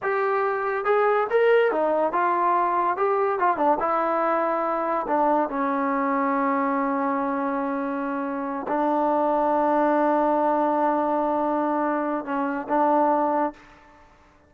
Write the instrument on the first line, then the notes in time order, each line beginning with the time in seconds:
trombone
0.02 G4
0.85 G#4
1.30 A#4
1.71 D#4
2.12 F4
2.96 G4
3.39 F4
3.56 D4
3.79 E4
5.07 D4
5.49 C#4
8.67 D4
12.24 C#4
12.68 D4